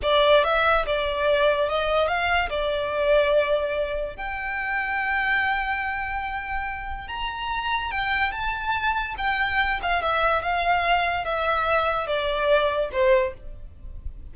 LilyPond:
\new Staff \with { instrumentName = "violin" } { \time 4/4 \tempo 4 = 144 d''4 e''4 d''2 | dis''4 f''4 d''2~ | d''2 g''2~ | g''1~ |
g''4 ais''2 g''4 | a''2 g''4. f''8 | e''4 f''2 e''4~ | e''4 d''2 c''4 | }